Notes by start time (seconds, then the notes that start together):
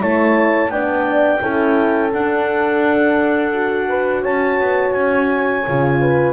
0.00 A3 E4 C#5 A5
0.69 B3 D4 D5 G5
1.41 C#4 E4 A4
2.13 D4 F#5
3.53 F#4
3.89 B4
4.23 C#4 C#5 A5
4.60 B3
4.92 C#4 G#5
5.68 C#3 F4
6.01 B4